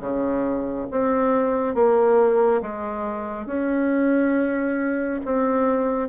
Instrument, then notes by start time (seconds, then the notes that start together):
bassoon
0.00 C#3
0.91 C4
1.74 A#3
2.62 G#3
3.46 C#4
5.25 C4